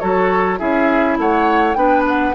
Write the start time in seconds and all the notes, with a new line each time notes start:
0.00 F#3 F#4 A4 C#5
0.58 C#4 E4 G#4 E5
1.18 A3 C#5 F#5
1.74 B3 D4 B4 G5
2.08 F#5